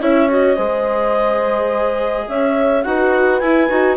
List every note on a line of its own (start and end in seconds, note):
0.00 0.57 C#4
0.00 0.29 E4
0.00 0.56 C#5
0.00 0.30 E5
0.29 0.56 F#4
0.29 2.29 D#5
0.56 2.28 G#3
0.56 2.83 G#4
0.56 2.26 C5
2.29 2.85 C#4
2.29 2.85 C#5
2.29 2.83 E5
2.83 3.41 D#4
2.83 3.42 F#4
2.83 3.97 B4
2.83 3.40 F#5
3.40 3.70 E4
3.40 3.69 E4
3.40 3.96 G#5
3.69 3.97 D#4
3.69 3.97 F#4